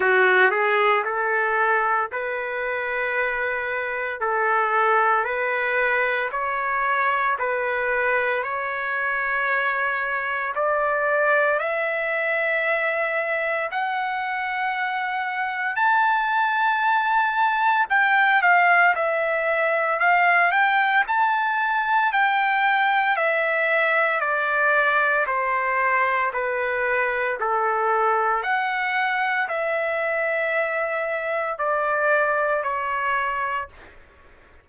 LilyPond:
\new Staff \with { instrumentName = "trumpet" } { \time 4/4 \tempo 4 = 57 fis'8 gis'8 a'4 b'2 | a'4 b'4 cis''4 b'4 | cis''2 d''4 e''4~ | e''4 fis''2 a''4~ |
a''4 g''8 f''8 e''4 f''8 g''8 | a''4 g''4 e''4 d''4 | c''4 b'4 a'4 fis''4 | e''2 d''4 cis''4 | }